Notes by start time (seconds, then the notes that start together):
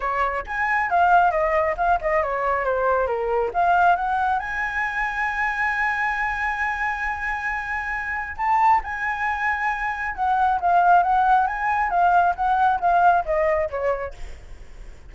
0.00 C#5
0.46 G#5
0.89 F5
1.31 D#5
1.77 F5
2.01 D#5
2.22 C#5
2.65 C5
3.06 A#4
3.53 F5
3.95 F#5
4.39 G#5
8.37 A5
8.83 G#5
10.15 F#5
10.60 F5
11.02 F#5
11.46 G#5
11.90 F5
12.35 F#5
12.80 F5
13.25 D#5
13.69 C#5